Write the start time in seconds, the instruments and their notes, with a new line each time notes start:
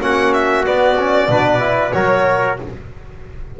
0.00 double bass A#3, trombone C#4, trumpet F#4, violin F#5
0.33 violin E5
0.64 trombone B3, double bass B3, violin D5
0.98 trombone C#4
1.28 double bass B2, trombone D4, trumpet B4
1.59 trombone E4
1.92 double bass F#3, trombone F#4, trumpet A#4, violin C#5